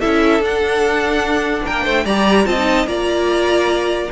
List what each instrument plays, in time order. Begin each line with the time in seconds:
0.00 cello C#4, viola E4, violin A4 E5
0.39 cello D4, viola D4, violin F#5
1.65 cello A#3, violin A#4 G5
1.84 cello A3, violin C5
2.05 cello G3, viola G4, violin D5 A#5
2.46 cello C4, viola F4, violin D#5 A5
2.58 viola D#4
2.87 cello A#3, viola F4, violin D5 A#5